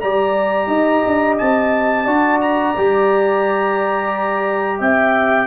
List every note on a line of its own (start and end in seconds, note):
0.00 0.67 G3
0.00 2.07 G4
0.00 0.68 D5
0.00 1.36 A#5
0.67 1.01 D#4
0.67 2.04 D#5
1.06 1.40 D4
1.38 2.06 C4
1.38 2.40 A5
2.04 2.75 D4
2.04 2.75 F#4
2.04 4.77 D5
2.41 4.79 A#5
2.77 4.80 G3
2.77 5.46 G4
4.78 5.46 C4
4.78 5.46 E5
4.78 5.46 G5